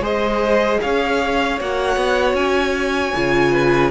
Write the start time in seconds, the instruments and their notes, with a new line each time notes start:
0.00 cello G#3, viola G#4, violin C5 D#5
0.82 cello C#4, violin C#5 F5
1.61 cello A#3, viola F#4, violin F#5
1.97 cello B3
2.34 cello C#4, violin G#5
3.16 cello C#3, viola F4
3.53 violin B4